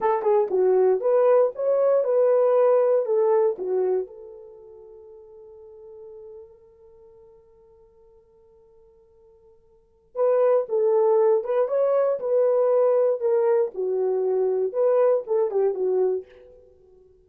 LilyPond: \new Staff \with { instrumentName = "horn" } { \time 4/4 \tempo 4 = 118 a'8 gis'8 fis'4 b'4 cis''4 | b'2 a'4 fis'4 | a'1~ | a'1~ |
a'1 | b'4 a'4. b'8 cis''4 | b'2 ais'4 fis'4~ | fis'4 b'4 a'8 g'8 fis'4 | }